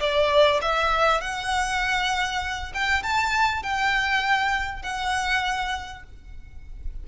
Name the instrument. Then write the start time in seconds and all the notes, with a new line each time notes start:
violin
0.00 D5
0.62 E5
1.21 F#5
2.74 G5
3.03 A5
3.63 G5
4.83 F#5